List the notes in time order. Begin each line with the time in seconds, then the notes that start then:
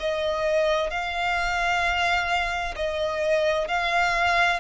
0.00 D#5
0.90 F5
2.76 D#5
3.68 F5